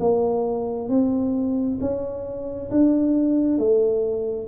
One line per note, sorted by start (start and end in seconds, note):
0.00 0.89 A#3
0.89 1.78 C4
1.81 2.70 C#4
2.70 3.58 D4
3.58 4.48 A3